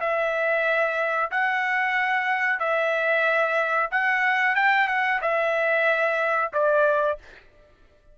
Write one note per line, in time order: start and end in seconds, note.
0.00 1.30 E5
1.31 2.59 F#5
2.59 3.90 E5
3.91 4.55 F#5
4.55 4.88 G5
4.88 5.20 F#5
5.21 6.52 E5
6.53 7.18 D5